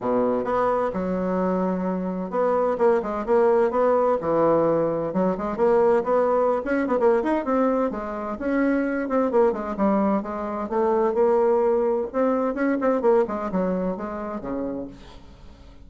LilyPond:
\new Staff \with { instrumentName = "bassoon" } { \time 4/4 \tempo 4 = 129 b,4 b4 fis2~ | fis4 b4 ais8 gis8 ais4 | b4 e2 fis8 gis8 | ais4 b4~ b16 cis'8 b16 ais8 dis'8 |
c'4 gis4 cis'4. c'8 | ais8 gis8 g4 gis4 a4 | ais2 c'4 cis'8 c'8 | ais8 gis8 fis4 gis4 cis4 | }